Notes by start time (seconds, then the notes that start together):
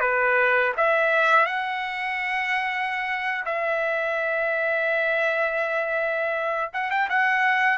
0.00 B4
0.77 E5
1.46 F#5
3.45 E5
6.73 F#5
6.90 G5
7.09 F#5